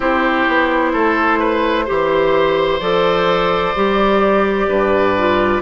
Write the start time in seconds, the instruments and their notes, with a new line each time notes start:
0.00 bassoon C4, clarinet E4, oboe G4, flute C5
0.47 bassoon B3
0.93 bassoon A3, oboe A4
1.39 oboe B4
1.85 bassoon E3, clarinet G4, oboe C5
2.79 bassoon F3, clarinet A4, flute D5
3.75 bassoon G3, clarinet G4
4.68 bassoon G2, oboe B4
5.17 clarinet F4